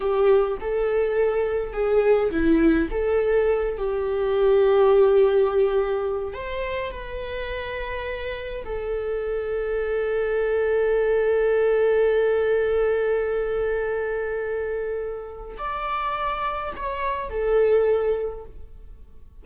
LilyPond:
\new Staff \with { instrumentName = "viola" } { \time 4/4 \tempo 4 = 104 g'4 a'2 gis'4 | e'4 a'4. g'4.~ | g'2. c''4 | b'2. a'4~ |
a'1~ | a'1~ | a'2. d''4~ | d''4 cis''4 a'2 | }